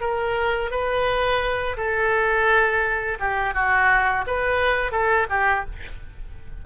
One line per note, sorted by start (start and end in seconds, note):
0.00 0.71 A#4
0.71 1.76 B4
1.77 3.18 A4
3.20 3.54 G4
3.54 4.24 F#4
4.26 4.91 B4
4.91 5.27 A4
5.30 5.65 G4